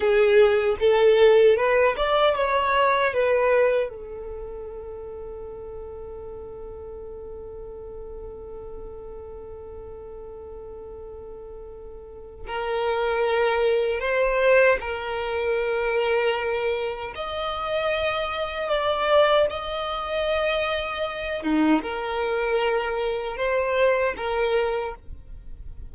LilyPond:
\new Staff \with { instrumentName = "violin" } { \time 4/4 \tempo 4 = 77 gis'4 a'4 b'8 d''8 cis''4 | b'4 a'2.~ | a'1~ | a'1 |
ais'2 c''4 ais'4~ | ais'2 dis''2 | d''4 dis''2~ dis''8 dis'8 | ais'2 c''4 ais'4 | }